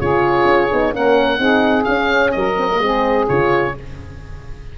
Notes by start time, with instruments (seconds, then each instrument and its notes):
0.00 tuba C#3, horn F4, saxophone G#4, oboe C#5
0.44 tuba C#4
0.71 tuba B3, horn D#4
0.92 tuba A#3, horn C#4, saxophone A#4, oboe F#5
1.38 tuba C4, horn D#4, saxophone G#4
1.83 horn C#4, tuba C#4, oboe F5
2.31 tuba F#3, saxophone A#4, oboe D#5
2.57 horn C4
2.71 horn A#3
2.79 tuba G#3, horn C4, saxophone G#4
3.28 tuba C#3, horn F4, oboe C#5